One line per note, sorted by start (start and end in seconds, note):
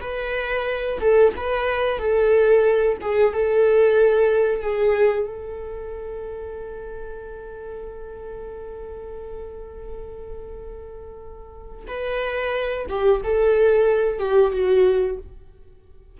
0.00 0.99 B4
1.00 1.33 A4
1.37 1.98 B4
1.98 2.97 A4
3.01 3.33 G#4
3.33 4.62 A4
4.62 5.27 G#4
5.27 11.86 A4
11.87 12.86 B4
12.89 13.22 G4
13.24 14.19 A4
14.19 14.51 G4
14.51 15.17 F#4